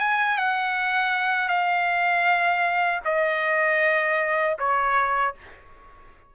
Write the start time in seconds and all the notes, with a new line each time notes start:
0.00 G#5
0.38 F#5
1.49 F5
3.06 D#5
4.59 C#5